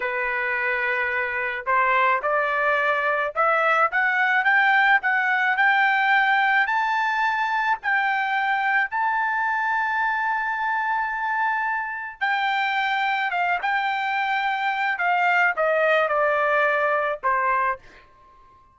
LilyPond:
\new Staff \with { instrumentName = "trumpet" } { \time 4/4 \tempo 4 = 108 b'2. c''4 | d''2 e''4 fis''4 | g''4 fis''4 g''2 | a''2 g''2 |
a''1~ | a''2 g''2 | f''8 g''2~ g''8 f''4 | dis''4 d''2 c''4 | }